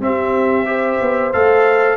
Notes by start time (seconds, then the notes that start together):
0.00 C4 G4 E5
0.65 G4 C5
1.01 B3
1.33 A3 A4 F5